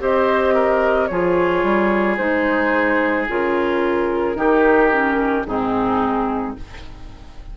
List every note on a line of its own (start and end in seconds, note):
0.00 1.09 C4
0.00 1.09 G4
0.00 0.54 C5
0.00 1.07 D#5
0.54 1.08 A#4
1.07 1.63 F3
1.07 2.18 F4
1.07 4.37 G#4
1.07 2.16 C#5
1.63 2.17 G3
2.17 3.28 G#3
2.17 3.27 D#4
2.17 3.26 C5
3.28 4.35 C#3
3.28 4.36 F4
3.28 5.46 A#4
4.35 5.44 D#3
4.35 4.90 D#4
4.35 5.46 G4
4.91 5.45 C#4
5.46 6.55 G#2
5.46 6.57 C4
5.46 6.57 D#4
5.46 6.55 G#4